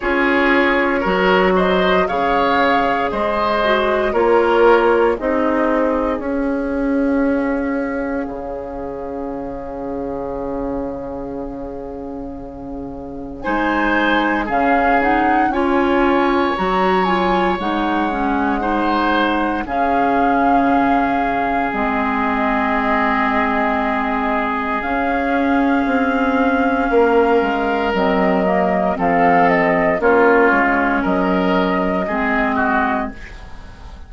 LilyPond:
<<
  \new Staff \with { instrumentName = "flute" } { \time 4/4 \tempo 4 = 58 cis''4. dis''8 f''4 dis''4 | cis''4 dis''4 f''2~ | f''1~ | f''4 gis''4 f''8 fis''8 gis''4 |
ais''8 gis''8 fis''2 f''4~ | f''4 dis''2. | f''2. dis''4 | f''8 dis''8 cis''4 dis''2 | }
  \new Staff \with { instrumentName = "oboe" } { \time 4/4 gis'4 ais'8 c''8 cis''4 c''4 | ais'4 gis'2.~ | gis'1~ | gis'4 c''4 gis'4 cis''4~ |
cis''2 c''4 gis'4~ | gis'1~ | gis'2 ais'2 | a'4 f'4 ais'4 gis'8 fis'8 | }
  \new Staff \with { instrumentName = "clarinet" } { \time 4/4 f'4 fis'4 gis'4. fis'8 | f'4 dis'4 cis'2~ | cis'1~ | cis'4 dis'4 cis'8 dis'8 f'4 |
fis'8 f'8 dis'8 cis'8 dis'4 cis'4~ | cis'4 c'2. | cis'2. c'8 ais8 | c'4 cis'2 c'4 | }
  \new Staff \with { instrumentName = "bassoon" } { \time 4/4 cis'4 fis4 cis4 gis4 | ais4 c'4 cis'2 | cis1~ | cis4 gis4 cis4 cis'4 |
fis4 gis2 cis4~ | cis4 gis2. | cis'4 c'4 ais8 gis8 fis4 | f4 ais8 gis8 fis4 gis4 | }
>>